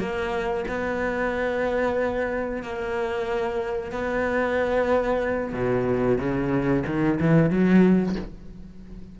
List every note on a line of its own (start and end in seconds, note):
0.00 0.65 A#3
0.68 2.63 B3
2.63 3.92 A#3
3.92 5.53 B3
5.53 6.18 B2
6.18 6.83 C#3
6.87 7.19 D#3
7.20 7.50 E3
7.50 8.16 F#3